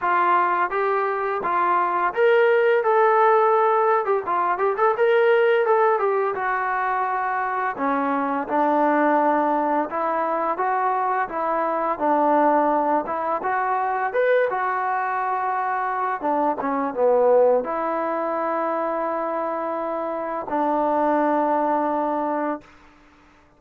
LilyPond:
\new Staff \with { instrumentName = "trombone" } { \time 4/4 \tempo 4 = 85 f'4 g'4 f'4 ais'4 | a'4.~ a'16 g'16 f'8 g'16 a'16 ais'4 | a'8 g'8 fis'2 cis'4 | d'2 e'4 fis'4 |
e'4 d'4. e'8 fis'4 | b'8 fis'2~ fis'8 d'8 cis'8 | b4 e'2.~ | e'4 d'2. | }